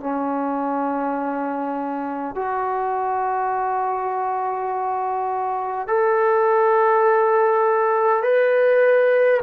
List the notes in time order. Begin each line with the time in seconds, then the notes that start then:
0.00 C#4
2.35 F#4
5.88 A4
8.23 B4